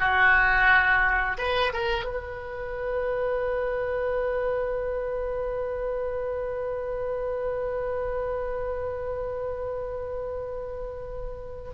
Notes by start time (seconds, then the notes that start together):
0.00 F#4
1.39 B4
1.73 A#4
2.05 B4